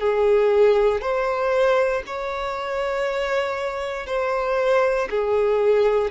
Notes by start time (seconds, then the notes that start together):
0.00 G#4
1.02 C5
2.07 C#5
4.07 C5
5.11 G#4